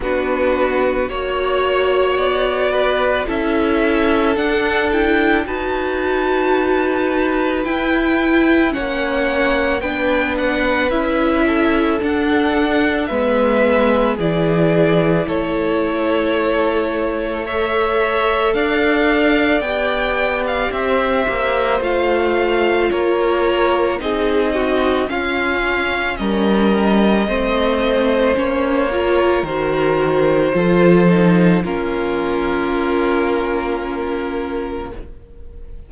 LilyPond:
<<
  \new Staff \with { instrumentName = "violin" } { \time 4/4 \tempo 4 = 55 b'4 cis''4 d''4 e''4 | fis''8 g''8 a''2 g''4 | fis''4 g''8 fis''8 e''4 fis''4 | e''4 d''4 cis''2 |
e''4 f''4 g''8. f''16 e''4 | f''4 cis''4 dis''4 f''4 | dis''2 cis''4 c''4~ | c''4 ais'2. | }
  \new Staff \with { instrumentName = "violin" } { \time 4/4 fis'4 cis''4. b'8 a'4~ | a'4 b'2. | cis''4 b'4. a'4. | b'4 gis'4 a'2 |
cis''4 d''2 c''4~ | c''4 ais'4 gis'8 fis'8 f'4 | ais'4 c''4. ais'4. | a'4 f'2. | }
  \new Staff \with { instrumentName = "viola" } { \time 4/4 d'4 fis'2 e'4 | d'8 e'8 fis'2 e'4 | cis'4 d'4 e'4 d'4 | b4 e'2. |
a'2 g'2 | f'2 dis'4 cis'4~ | cis'4 c'4 cis'8 f'8 fis'4 | f'8 dis'8 cis'2. | }
  \new Staff \with { instrumentName = "cello" } { \time 4/4 b4 ais4 b4 cis'4 | d'4 dis'2 e'4 | ais4 b4 cis'4 d'4 | gis4 e4 a2~ |
a4 d'4 b4 c'8 ais8 | a4 ais4 c'4 cis'4 | g4 a4 ais4 dis4 | f4 ais2. | }
>>